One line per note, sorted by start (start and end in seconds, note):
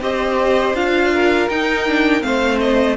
0.00 0.74 C4
0.00 0.75 G4
0.00 1.14 C5
0.00 0.75 D#5
0.74 1.48 D4
0.74 1.49 F4
0.74 1.49 F5
1.14 2.25 A#4
1.49 2.23 D#4
1.49 1.87 D#4
1.49 2.22 G5
1.87 2.20 D4
2.20 2.96 A3
2.20 2.94 C4
2.20 2.96 C5
2.20 2.59 F5
2.59 2.96 D#5